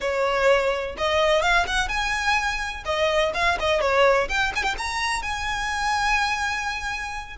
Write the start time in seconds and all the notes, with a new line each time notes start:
0.00 C#5
0.97 D#5
1.42 F5
1.66 F#5
1.88 G#5
2.85 D#5
3.34 F5
3.59 D#5
3.81 C#5
4.28 G5
4.55 G#5
4.63 G5
4.78 A#5
5.22 G#5